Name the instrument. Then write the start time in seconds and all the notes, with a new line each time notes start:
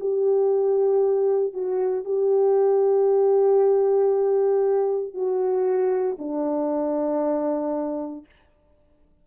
horn
0.00 G4
1.53 F#4
2.05 G4
5.13 F#4
6.18 D4